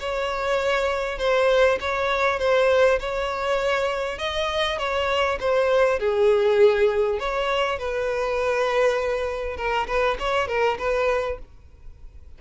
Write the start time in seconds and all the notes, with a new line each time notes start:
0.00 C#5
1.19 C5
1.81 C#5
2.39 C5
3.00 C#5
4.19 D#5
4.79 C#5
5.40 C5
5.99 G#4
7.19 C#5
7.79 B4
9.57 A#4
9.87 B4
10.19 C#5
10.48 A#4
10.79 B4